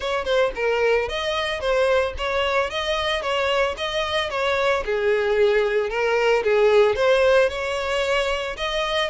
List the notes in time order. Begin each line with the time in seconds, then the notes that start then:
0.00 C#5
0.24 C5
0.55 A#4
1.08 D#5
1.60 C5
2.17 C#5
2.70 D#5
3.21 C#5
3.77 D#5
4.30 C#5
4.85 G#4
5.89 A#4
6.43 G#4
6.95 C5
7.49 C#5
8.57 D#5